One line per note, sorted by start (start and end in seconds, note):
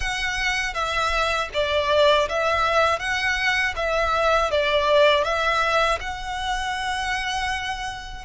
0.00 0.74 F#5
0.74 1.49 E5
1.53 2.28 D5
2.28 2.99 E5
2.99 3.74 F#5
3.76 4.50 E5
4.50 5.23 D5
5.23 5.98 E5
6.00 8.25 F#5